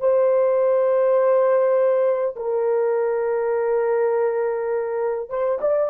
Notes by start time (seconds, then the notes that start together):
0.00 C5
2.36 A#4
5.29 C5
5.61 D5